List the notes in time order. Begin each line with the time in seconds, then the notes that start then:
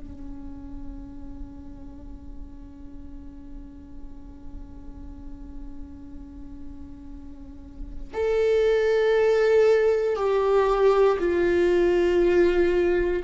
0.00 C#4
8.14 A4
10.16 G4
11.19 F4